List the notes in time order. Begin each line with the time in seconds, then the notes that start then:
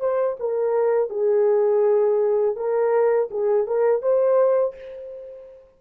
0.00 C5
0.39 A#4
1.09 G#4
2.56 A#4
3.31 G#4
3.67 A#4
4.02 C5